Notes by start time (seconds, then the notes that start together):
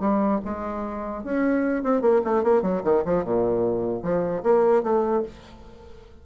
0.00 G3
0.45 G#3
1.24 C#4
1.84 C4
2.02 A#3
2.25 A3
2.43 A#3
2.63 F#3
2.84 D#3
3.05 F3
3.24 A#2
4.03 F3
4.43 A#3
4.83 A3